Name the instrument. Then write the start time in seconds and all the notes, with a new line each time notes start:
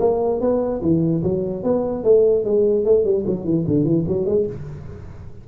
tuba
0.00 A#3
0.41 B3
0.82 E3
1.23 F#3
1.63 B3
2.04 A3
2.45 G#3
2.85 A3
3.05 G3
3.27 F#3
3.45 E3
3.68 D3
3.84 E3
4.07 F#3
4.26 G#3